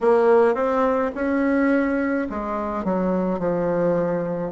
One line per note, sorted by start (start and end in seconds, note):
0.00 0.54 A#3
0.54 1.11 C4
1.14 2.27 C#4
2.29 2.84 G#3
2.84 3.39 F#3
3.39 4.51 F3